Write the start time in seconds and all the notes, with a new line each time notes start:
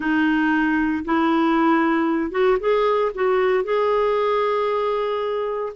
0.00 D#4
1.04 E4
2.31 F#4
2.59 G#4
3.14 F#4
3.64 G#4